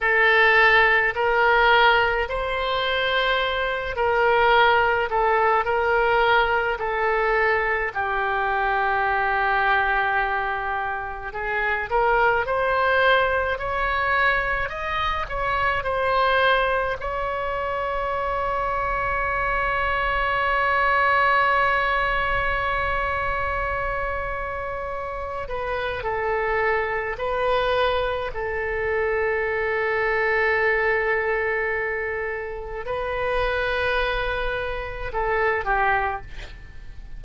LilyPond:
\new Staff \with { instrumentName = "oboe" } { \time 4/4 \tempo 4 = 53 a'4 ais'4 c''4. ais'8~ | ais'8 a'8 ais'4 a'4 g'4~ | g'2 gis'8 ais'8 c''4 | cis''4 dis''8 cis''8 c''4 cis''4~ |
cis''1~ | cis''2~ cis''8 b'8 a'4 | b'4 a'2.~ | a'4 b'2 a'8 g'8 | }